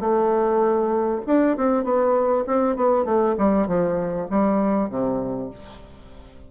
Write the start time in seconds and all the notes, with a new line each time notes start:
0.00 A3
1.26 D4
1.57 C4
1.84 B3
2.47 C4
2.76 B3
3.05 A3
3.38 G3
3.67 F3
4.30 G3
4.89 C3